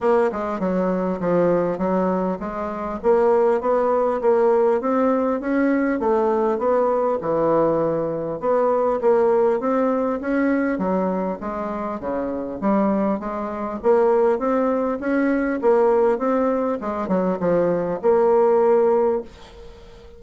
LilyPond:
\new Staff \with { instrumentName = "bassoon" } { \time 4/4 \tempo 4 = 100 ais8 gis8 fis4 f4 fis4 | gis4 ais4 b4 ais4 | c'4 cis'4 a4 b4 | e2 b4 ais4 |
c'4 cis'4 fis4 gis4 | cis4 g4 gis4 ais4 | c'4 cis'4 ais4 c'4 | gis8 fis8 f4 ais2 | }